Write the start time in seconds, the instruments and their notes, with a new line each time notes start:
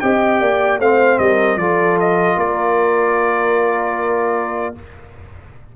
0.00 tuba C4, trombone G4, horn D#5, trumpet G5
0.41 tuba A#3, horn D5
0.79 tuba A3, trombone C4, horn C5, trumpet F5
1.19 tuba G3, horn A#4, trumpet D#5
1.56 tuba F3, trombone F4, horn A4, trumpet D5
2.00 trumpet D#5
2.37 tuba A#3, horn A#4, trumpet D5